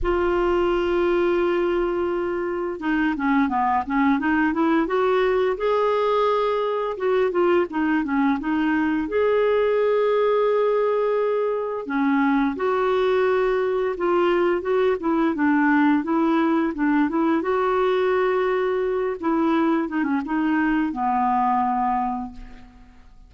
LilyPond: \new Staff \with { instrumentName = "clarinet" } { \time 4/4 \tempo 4 = 86 f'1 | dis'8 cis'8 b8 cis'8 dis'8 e'8 fis'4 | gis'2 fis'8 f'8 dis'8 cis'8 | dis'4 gis'2.~ |
gis'4 cis'4 fis'2 | f'4 fis'8 e'8 d'4 e'4 | d'8 e'8 fis'2~ fis'8 e'8~ | e'8 dis'16 cis'16 dis'4 b2 | }